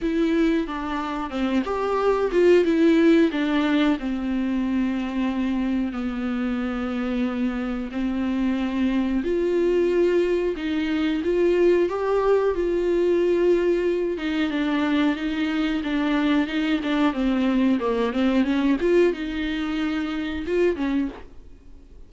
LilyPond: \new Staff \with { instrumentName = "viola" } { \time 4/4 \tempo 4 = 91 e'4 d'4 c'8 g'4 f'8 | e'4 d'4 c'2~ | c'4 b2. | c'2 f'2 |
dis'4 f'4 g'4 f'4~ | f'4. dis'8 d'4 dis'4 | d'4 dis'8 d'8 c'4 ais8 c'8 | cis'8 f'8 dis'2 f'8 cis'8 | }